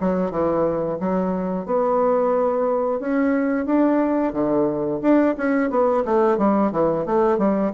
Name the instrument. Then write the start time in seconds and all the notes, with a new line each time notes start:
bassoon
0.00 F#3
0.31 E3
1.00 F#3
1.65 B3
3.00 C#4
3.66 D4
4.33 D3
5.01 D4
5.37 C#4
5.70 B3
6.05 A3
6.38 G3
6.72 E3
7.05 A3
7.38 G3